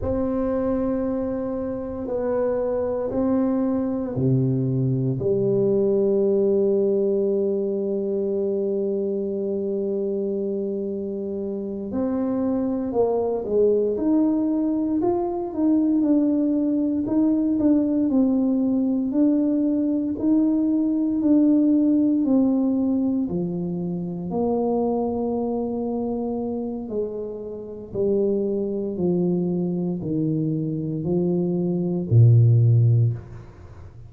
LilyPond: \new Staff \with { instrumentName = "tuba" } { \time 4/4 \tempo 4 = 58 c'2 b4 c'4 | c4 g2.~ | g2.~ g8 c'8~ | c'8 ais8 gis8 dis'4 f'8 dis'8 d'8~ |
d'8 dis'8 d'8 c'4 d'4 dis'8~ | dis'8 d'4 c'4 f4 ais8~ | ais2 gis4 g4 | f4 dis4 f4 ais,4 | }